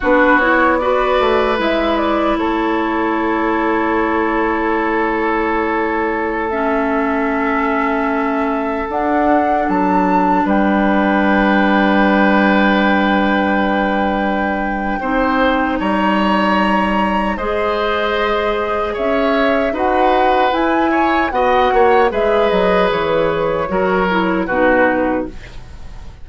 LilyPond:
<<
  \new Staff \with { instrumentName = "flute" } { \time 4/4 \tempo 4 = 76 b'8 cis''8 d''4 e''8 d''8 cis''4~ | cis''1~ | cis''16 e''2. fis''8.~ | fis''16 a''4 g''2~ g''8.~ |
g''1 | ais''2 dis''2 | e''4 fis''4 gis''4 fis''4 | e''8 dis''8 cis''2 b'4 | }
  \new Staff \with { instrumentName = "oboe" } { \time 4/4 fis'4 b'2 a'4~ | a'1~ | a'1~ | a'4~ a'16 b'2~ b'8.~ |
b'2. c''4 | cis''2 c''2 | cis''4 b'4. cis''8 dis''8 cis''8 | b'2 ais'4 fis'4 | }
  \new Staff \with { instrumentName = "clarinet" } { \time 4/4 d'8 e'8 fis'4 e'2~ | e'1~ | e'16 cis'2. d'8.~ | d'1~ |
d'2. dis'4~ | dis'2 gis'2~ | gis'4 fis'4 e'4 fis'4 | gis'2 fis'8 e'8 dis'4 | }
  \new Staff \with { instrumentName = "bassoon" } { \time 4/4 b4. a8 gis4 a4~ | a1~ | a2.~ a16 d'8.~ | d'16 fis4 g2~ g8.~ |
g2. c'4 | g2 gis2 | cis'4 dis'4 e'4 b8 ais8 | gis8 fis8 e4 fis4 b,4 | }
>>